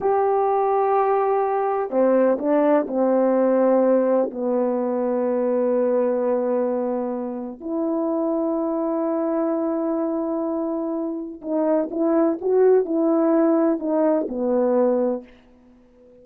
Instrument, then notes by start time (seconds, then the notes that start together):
horn
0.00 G4
1.90 C4
2.39 D4
2.87 C4
4.31 B3
7.60 E4
11.41 D#4
11.90 E4
12.41 F#4
12.85 E4
13.79 D#4
14.28 B3